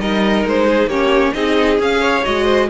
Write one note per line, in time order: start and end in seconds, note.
0.00 0.45 G3
0.00 0.90 D#4
0.00 0.68 A#4
0.00 0.46 D#5
0.45 0.87 G#3
0.45 0.89 C5
0.68 0.89 G#4
0.87 1.32 A#3
0.87 1.34 C#4
0.87 1.34 G4
0.87 1.33 C#5
1.33 1.79 C4
1.33 1.78 D#4
1.33 2.01 G#4
1.33 1.78 D#5
1.78 2.24 C#4
1.78 2.23 G#4
1.78 2.24 F5
2.01 2.45 C#5
2.24 2.70 G#3
2.24 2.69 F#4
2.24 2.69 D#5
2.45 2.67 C5